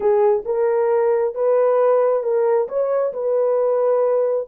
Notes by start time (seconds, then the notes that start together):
0.00 G#4
0.45 A#4
1.34 B4
2.23 A#4
2.68 C#5
3.13 B4